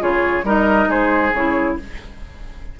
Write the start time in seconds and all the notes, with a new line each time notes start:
0.00 C#3 F4 G#4 C#5
0.44 G3 D#4 A#4 D#5
0.89 G#3 G#4 C5
1.34 C#3 E4 C#5